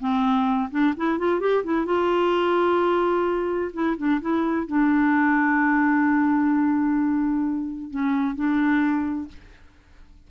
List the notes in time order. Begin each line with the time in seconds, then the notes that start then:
0.00 C4
0.71 D4
0.97 E4
1.19 F4
1.40 G4
1.64 E4
1.86 F4
3.73 E4
3.98 D4
4.21 E4
4.67 D4
7.91 C#4
8.35 D4